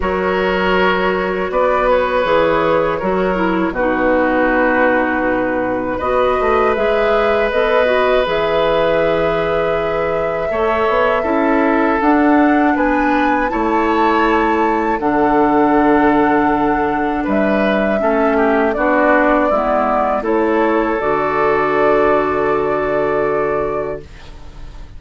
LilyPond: <<
  \new Staff \with { instrumentName = "flute" } { \time 4/4 \tempo 4 = 80 cis''2 d''8 cis''4.~ | cis''4 b'2. | dis''4 e''4 dis''4 e''4~ | e''1 |
fis''4 gis''4 a''2 | fis''2. e''4~ | e''4 d''2 cis''4 | d''1 | }
  \new Staff \with { instrumentName = "oboe" } { \time 4/4 ais'2 b'2 | ais'4 fis'2. | b'1~ | b'2 cis''4 a'4~ |
a'4 b'4 cis''2 | a'2. b'4 | a'8 g'8 fis'4 e'4 a'4~ | a'1 | }
  \new Staff \with { instrumentName = "clarinet" } { \time 4/4 fis'2. gis'4 | fis'8 e'8 dis'2. | fis'4 gis'4 a'8 fis'8 gis'4~ | gis'2 a'4 e'4 |
d'2 e'2 | d'1 | cis'4 d'4 b4 e'4 | fis'1 | }
  \new Staff \with { instrumentName = "bassoon" } { \time 4/4 fis2 b4 e4 | fis4 b,2. | b8 a8 gis4 b4 e4~ | e2 a8 b8 cis'4 |
d'4 b4 a2 | d2. g4 | a4 b4 gis4 a4 | d1 | }
>>